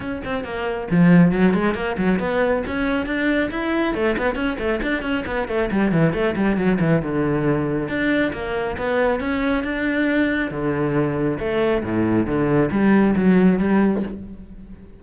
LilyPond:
\new Staff \with { instrumentName = "cello" } { \time 4/4 \tempo 4 = 137 cis'8 c'8 ais4 f4 fis8 gis8 | ais8 fis8 b4 cis'4 d'4 | e'4 a8 b8 cis'8 a8 d'8 cis'8 | b8 a8 g8 e8 a8 g8 fis8 e8 |
d2 d'4 ais4 | b4 cis'4 d'2 | d2 a4 a,4 | d4 g4 fis4 g4 | }